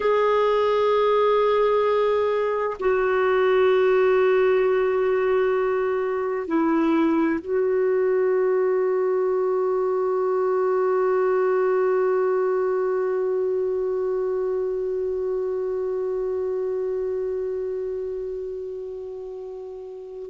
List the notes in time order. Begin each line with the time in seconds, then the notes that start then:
0.00 G#4
2.79 F#4
6.47 E4
7.41 F#4